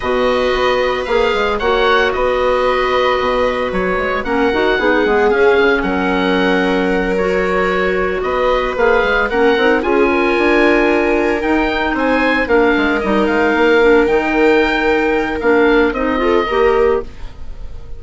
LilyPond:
<<
  \new Staff \with { instrumentName = "oboe" } { \time 4/4 \tempo 4 = 113 dis''2 f''4 fis''4 | dis''2. cis''4 | fis''2 f''4 fis''4~ | fis''4. cis''2 dis''8~ |
dis''8 f''4 fis''4 gis''4.~ | gis''4. g''4 gis''4 f''8~ | f''8 dis''8 f''4. g''4.~ | g''4 f''4 dis''2 | }
  \new Staff \with { instrumentName = "viola" } { \time 4/4 b'2. cis''4 | b'1 | ais'4 gis'2 ais'4~ | ais'2.~ ais'8 b'8~ |
b'4. ais'4 gis'8 ais'4~ | ais'2~ ais'8 c''4 ais'8~ | ais'1~ | ais'2~ ais'8 a'8 ais'4 | }
  \new Staff \with { instrumentName = "clarinet" } { \time 4/4 fis'2 gis'4 fis'4~ | fis'1 | cis'8 fis'8 dis'8 b8 cis'2~ | cis'4. fis'2~ fis'8~ |
fis'8 gis'4 cis'8 dis'8 f'4.~ | f'4. dis'2 d'8~ | d'8 dis'4. d'8 dis'4.~ | dis'4 d'4 dis'8 f'8 g'4 | }
  \new Staff \with { instrumentName = "bassoon" } { \time 4/4 b,4 b4 ais8 gis8 ais4 | b2 b,4 fis8 gis8 | ais8 dis'8 b8 gis8 cis'8 cis8 fis4~ | fis2.~ fis8 b8~ |
b8 ais8 gis8 ais8 c'8 cis'4 d'8~ | d'4. dis'4 c'4 ais8 | gis8 g8 gis8 ais4 dis4.~ | dis4 ais4 c'4 ais4 | }
>>